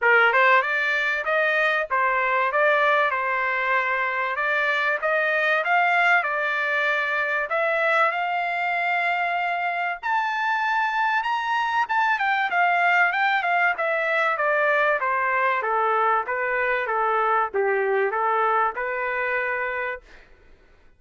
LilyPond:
\new Staff \with { instrumentName = "trumpet" } { \time 4/4 \tempo 4 = 96 ais'8 c''8 d''4 dis''4 c''4 | d''4 c''2 d''4 | dis''4 f''4 d''2 | e''4 f''2. |
a''2 ais''4 a''8 g''8 | f''4 g''8 f''8 e''4 d''4 | c''4 a'4 b'4 a'4 | g'4 a'4 b'2 | }